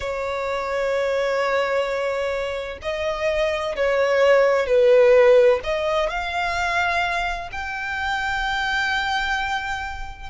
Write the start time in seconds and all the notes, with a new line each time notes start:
0.00 C#5
2.82 D#5
3.76 C#5
4.66 B4
5.63 D#5
6.09 F5
7.52 G5